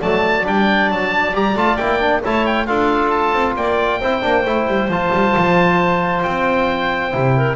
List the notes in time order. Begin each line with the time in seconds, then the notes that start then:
0.00 F#3 A3 D5 A5
0.43 G3 D4 G5
0.89 F#3 A5
1.32 G3 G4 A#5
1.55 A3 F4 A5
1.76 A#3 E4 G5
1.99 D4
2.23 A3 E4 C#5 A5
2.46 G5
2.66 D4 F4 A4 F5
3.10 A5
3.33 C4
3.56 A#3 D5 G5
4.00 C4 E4 C5
4.21 A#3 D4
4.45 A3 E4
4.67 G3
4.88 F3 F4 A5
5.13 G3
5.36 F3
6.23 C4 G5
7.11 C3 E4
7.36 A#4